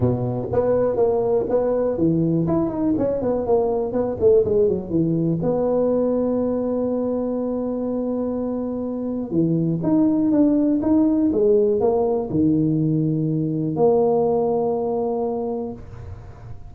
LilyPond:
\new Staff \with { instrumentName = "tuba" } { \time 4/4 \tempo 4 = 122 b,4 b4 ais4 b4 | e4 e'8 dis'8 cis'8 b8 ais4 | b8 a8 gis8 fis8 e4 b4~ | b1~ |
b2. e4 | dis'4 d'4 dis'4 gis4 | ais4 dis2. | ais1 | }